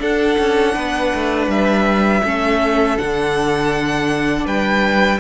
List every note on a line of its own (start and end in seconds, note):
0.00 2.22 D4
0.00 0.37 D4
0.00 0.75 A4
0.00 1.50 F#5
0.38 0.75 C#4
0.75 1.13 B3
0.75 2.23 B4
1.15 1.48 A3
1.48 2.22 G3
1.48 2.98 E5
2.24 2.98 A3
2.24 2.98 C#4
2.24 4.46 A4
2.98 4.45 D3
2.98 5.20 D4
2.98 4.46 F#5
4.45 5.19 G3
4.45 5.20 B4
4.45 5.20 G5